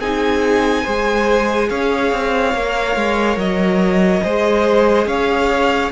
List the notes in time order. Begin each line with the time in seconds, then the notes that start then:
0.00 C4 D#4 G#4 G#5
0.83 G#3 G#4 C5
1.70 C#4 C#5 F5
2.12 C4
2.54 A#3 A#4
2.96 G#3
3.37 F#3 D#5
4.23 G#3 G#4 C5
5.06 C#4 C#5 F5